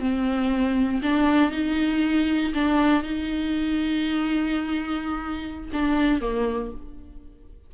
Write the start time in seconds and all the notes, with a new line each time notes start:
0.00 C4
1.03 D4
1.52 D#4
2.54 D4
3.03 D#4
5.73 D4
6.21 A#3